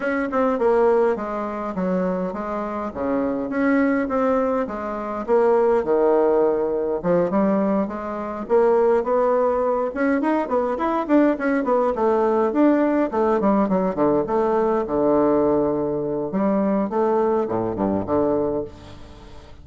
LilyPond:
\new Staff \with { instrumentName = "bassoon" } { \time 4/4 \tempo 4 = 103 cis'8 c'8 ais4 gis4 fis4 | gis4 cis4 cis'4 c'4 | gis4 ais4 dis2 | f8 g4 gis4 ais4 b8~ |
b4 cis'8 dis'8 b8 e'8 d'8 cis'8 | b8 a4 d'4 a8 g8 fis8 | d8 a4 d2~ d8 | g4 a4 a,8 g,8 d4 | }